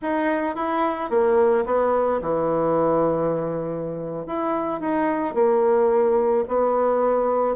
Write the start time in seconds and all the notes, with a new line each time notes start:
0.02 D#4
0.55 E4
1.09 A#3
1.65 B3
2.21 E3
4.26 E4
4.80 D#4
5.34 A#3
6.48 B3